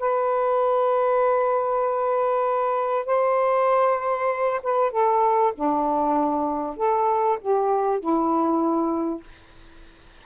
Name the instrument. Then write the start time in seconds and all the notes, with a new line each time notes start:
saxophone
0.00 B4
3.06 C5
4.64 B4
4.91 A4
5.55 D4
6.77 A4
7.41 G4
8.00 E4